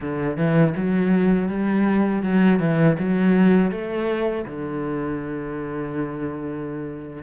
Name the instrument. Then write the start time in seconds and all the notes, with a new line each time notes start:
cello
0.00 D3
0.36 E3
0.76 F#3
1.48 G3
2.22 F#3
2.59 E3
2.98 F#3
3.71 A3
4.45 D3